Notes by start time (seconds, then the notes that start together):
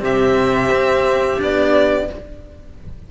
0.00 C3 C4 G4 E5
0.71 C4
1.37 B3 D4 D5